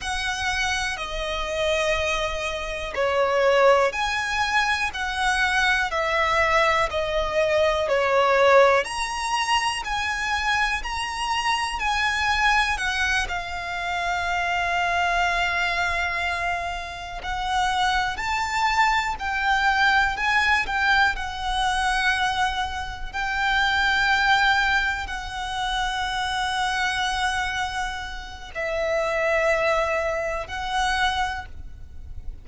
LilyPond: \new Staff \with { instrumentName = "violin" } { \time 4/4 \tempo 4 = 61 fis''4 dis''2 cis''4 | gis''4 fis''4 e''4 dis''4 | cis''4 ais''4 gis''4 ais''4 | gis''4 fis''8 f''2~ f''8~ |
f''4. fis''4 a''4 g''8~ | g''8 gis''8 g''8 fis''2 g''8~ | g''4. fis''2~ fis''8~ | fis''4 e''2 fis''4 | }